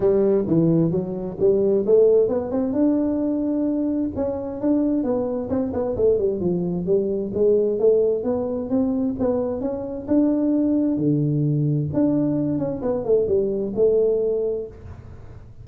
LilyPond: \new Staff \with { instrumentName = "tuba" } { \time 4/4 \tempo 4 = 131 g4 e4 fis4 g4 | a4 b8 c'8 d'2~ | d'4 cis'4 d'4 b4 | c'8 b8 a8 g8 f4 g4 |
gis4 a4 b4 c'4 | b4 cis'4 d'2 | d2 d'4. cis'8 | b8 a8 g4 a2 | }